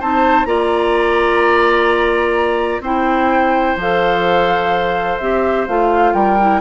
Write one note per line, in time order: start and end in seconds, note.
0.00 0.45 C4
0.00 0.46 D#4
0.00 0.47 C5
0.00 0.45 A5
0.45 2.80 A#3
0.45 2.82 F4
0.45 2.82 D5
0.45 2.81 A#5
2.80 3.74 C4
2.80 3.78 E4
2.80 6.13 C5
2.80 3.78 G5
3.76 5.18 F3
3.76 5.21 A4
3.76 5.18 F5
5.18 5.67 C4
5.18 5.68 G4
5.18 5.65 E5
5.67 6.14 A3
5.67 6.39 F4
5.67 6.13 F5
6.13 6.61 G3
6.13 6.61 A#4
6.13 6.60 G5
6.40 6.61 E4